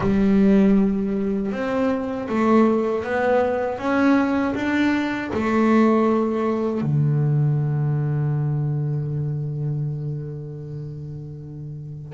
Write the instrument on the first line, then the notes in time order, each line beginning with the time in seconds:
double bass
0.00 G3
1.52 C4
2.28 A3
3.04 B3
3.78 C#4
4.54 D4
5.33 A3
6.81 D3